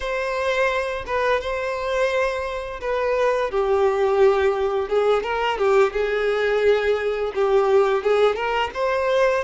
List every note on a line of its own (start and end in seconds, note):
0.00 1.04 C5
1.06 1.40 B4
1.40 2.80 C5
2.81 3.50 B4
3.50 4.88 G4
4.88 5.23 G#4
5.23 5.58 A#4
5.58 5.92 G4
5.92 7.32 G#4
7.34 8.03 G4
8.03 8.35 G#4
8.35 8.70 A#4
8.74 9.43 C5